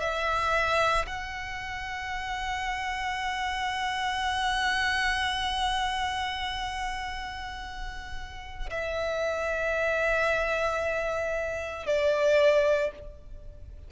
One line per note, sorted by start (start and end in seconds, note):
0.00 1.05 E5
1.06 8.69 F#5
8.70 11.86 E5
11.86 12.91 D5